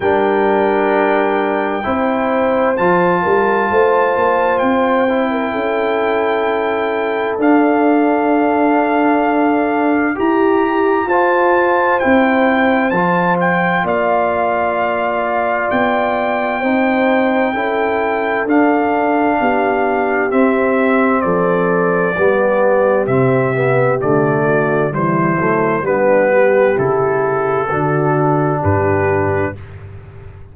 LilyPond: <<
  \new Staff \with { instrumentName = "trumpet" } { \time 4/4 \tempo 4 = 65 g''2. a''4~ | a''4 g''2. | f''2. ais''4 | a''4 g''4 a''8 g''8 f''4~ |
f''4 g''2. | f''2 e''4 d''4~ | d''4 e''4 d''4 c''4 | b'4 a'2 b'4 | }
  \new Staff \with { instrumentName = "horn" } { \time 4/4 ais'2 c''4. ais'8 | c''4.~ c''16 ais'16 a'2~ | a'2. g'4 | c''2. d''4~ |
d''2 c''4 a'4~ | a'4 g'2 a'4 | g'2~ g'8 fis'8 e'4 | d'8 g'4. fis'4 g'4 | }
  \new Staff \with { instrumentName = "trombone" } { \time 4/4 d'2 e'4 f'4~ | f'4. e'2~ e'8 | d'2. g'4 | f'4 e'4 f'2~ |
f'2 dis'4 e'4 | d'2 c'2 | b4 c'8 b8 a4 g8 a8 | b4 e'4 d'2 | }
  \new Staff \with { instrumentName = "tuba" } { \time 4/4 g2 c'4 f8 g8 | a8 ais8 c'4 cis'2 | d'2. e'4 | f'4 c'4 f4 ais4~ |
ais4 b4 c'4 cis'4 | d'4 b4 c'4 f4 | g4 c4 d4 e8 fis8 | g4 cis4 d4 g,4 | }
>>